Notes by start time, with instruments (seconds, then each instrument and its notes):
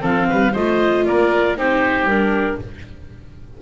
0.00 double bass F3, viola C4, oboe A4, clarinet F5
0.30 double bass G3, oboe B4
0.53 double bass A3, viola F4, oboe C5, clarinet D#5
1.06 double bass A#3, oboe A#4, clarinet D5
1.57 double bass C4, viola D#4, oboe G4, clarinet C5
2.04 double bass G3, clarinet A#4
2.11 viola D4